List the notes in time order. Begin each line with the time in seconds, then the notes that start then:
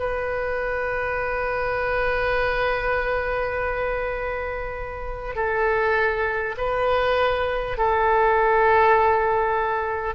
0.00 B4
5.36 A4
6.58 B4
7.78 A4